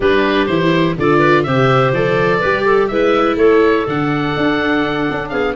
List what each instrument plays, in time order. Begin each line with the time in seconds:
0.00 tuba G3, viola D4, clarinet G4, oboe B4
0.46 tuba E3, viola E4, oboe C5
0.98 tuba D3, viola F4, clarinet A4, oboe D5
1.18 clarinet B4
1.43 tuba C3, viola G4, clarinet C5, oboe E5
1.92 tuba F3, viola A4, oboe D5
2.39 tuba G3, viola G4, clarinet B4
2.64 clarinet A4
2.87 tuba G#3, viola E4, clarinet B4, oboe E5
3.36 tuba A3, clarinet A4, oboe C#5
3.86 tuba D3, viola D4, oboe F#5
4.36 tuba D4
5.11 tuba C#4
5.29 tuba B3, clarinet G#4, oboe F5